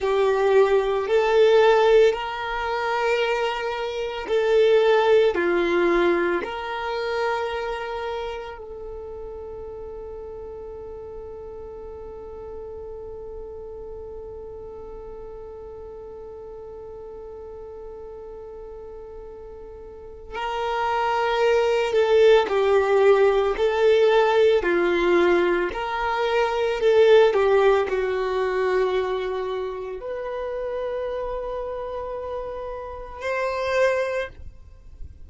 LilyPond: \new Staff \with { instrumentName = "violin" } { \time 4/4 \tempo 4 = 56 g'4 a'4 ais'2 | a'4 f'4 ais'2 | a'1~ | a'1~ |
a'2. ais'4~ | ais'8 a'8 g'4 a'4 f'4 | ais'4 a'8 g'8 fis'2 | b'2. c''4 | }